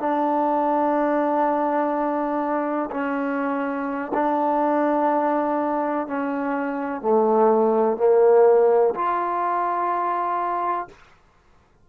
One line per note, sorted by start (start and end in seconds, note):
0.00 2.90 D4
2.91 4.12 C#4
4.14 6.07 D4
6.08 7.02 C#4
7.02 7.98 A3
7.98 8.94 A#3
8.95 10.89 F4